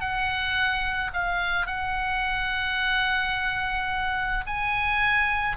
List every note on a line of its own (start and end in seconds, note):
0.00 1.11 F#5
1.13 1.67 F5
1.67 4.44 F#5
4.46 5.57 G#5